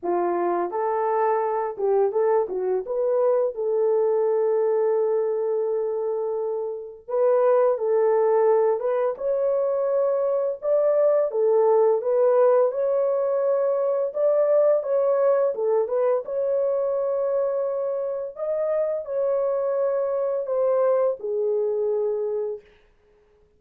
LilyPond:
\new Staff \with { instrumentName = "horn" } { \time 4/4 \tempo 4 = 85 f'4 a'4. g'8 a'8 fis'8 | b'4 a'2.~ | a'2 b'4 a'4~ | a'8 b'8 cis''2 d''4 |
a'4 b'4 cis''2 | d''4 cis''4 a'8 b'8 cis''4~ | cis''2 dis''4 cis''4~ | cis''4 c''4 gis'2 | }